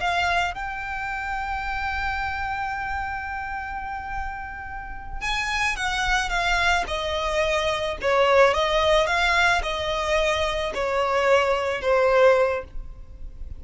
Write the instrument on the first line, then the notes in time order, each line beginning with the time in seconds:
violin
0.00 F5
0.54 G5
5.21 G#5
5.76 F#5
6.29 F5
6.87 D#5
8.01 C#5
8.54 D#5
9.07 F5
9.63 D#5
10.74 C#5
11.81 C5